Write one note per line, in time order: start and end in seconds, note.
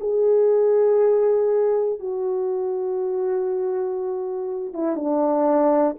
0.00 1.99 G#4
1.99 4.73 F#4
4.73 4.95 E4
4.95 5.95 D4